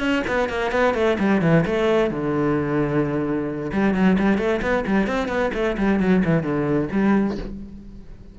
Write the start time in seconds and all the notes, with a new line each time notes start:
0.00 C#4
0.28 B3
0.49 A#3
0.72 B3
0.95 A3
1.20 G3
1.42 E3
1.66 A3
2.11 D3
3.73 G3
3.95 F#3
4.19 G3
4.38 A3
4.62 B3
4.87 G3
5.07 C4
5.29 B3
5.54 A3
5.78 G3
6.00 F#3
6.25 E3
6.43 D3
6.92 G3